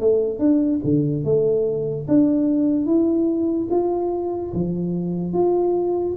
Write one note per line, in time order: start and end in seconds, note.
0.00 0.39 A3
0.39 0.80 D4
0.84 1.24 D3
1.24 2.07 A3
2.08 2.86 D4
2.86 3.68 E4
3.70 4.52 F4
4.54 5.33 F3
5.33 6.15 F4